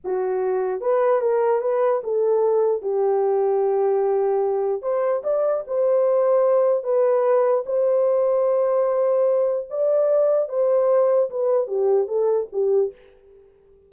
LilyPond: \new Staff \with { instrumentName = "horn" } { \time 4/4 \tempo 4 = 149 fis'2 b'4 ais'4 | b'4 a'2 g'4~ | g'1 | c''4 d''4 c''2~ |
c''4 b'2 c''4~ | c''1 | d''2 c''2 | b'4 g'4 a'4 g'4 | }